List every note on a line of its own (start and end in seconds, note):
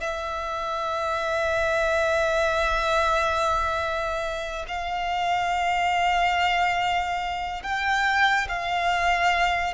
0.00 4.65 E5
4.68 7.63 F5
7.63 8.47 G5
8.48 9.73 F5